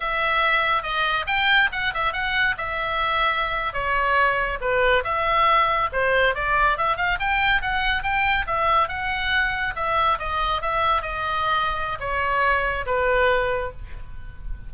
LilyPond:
\new Staff \with { instrumentName = "oboe" } { \time 4/4 \tempo 4 = 140 e''2 dis''4 g''4 | fis''8 e''8 fis''4 e''2~ | e''8. cis''2 b'4 e''16~ | e''4.~ e''16 c''4 d''4 e''16~ |
e''16 f''8 g''4 fis''4 g''4 e''16~ | e''8. fis''2 e''4 dis''16~ | dis''8. e''4 dis''2~ dis''16 | cis''2 b'2 | }